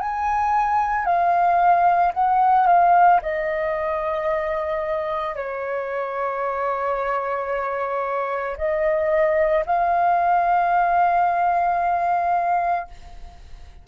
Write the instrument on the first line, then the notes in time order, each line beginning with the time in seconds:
flute
0.00 G#5
1.05 F5
2.13 F#5
2.66 F5
3.22 D#5
5.35 C#5
8.57 D#5
9.66 F5